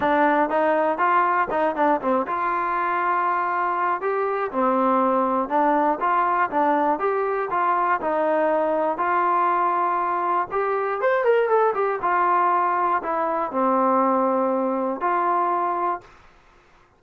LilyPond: \new Staff \with { instrumentName = "trombone" } { \time 4/4 \tempo 4 = 120 d'4 dis'4 f'4 dis'8 d'8 | c'8 f'2.~ f'8 | g'4 c'2 d'4 | f'4 d'4 g'4 f'4 |
dis'2 f'2~ | f'4 g'4 c''8 ais'8 a'8 g'8 | f'2 e'4 c'4~ | c'2 f'2 | }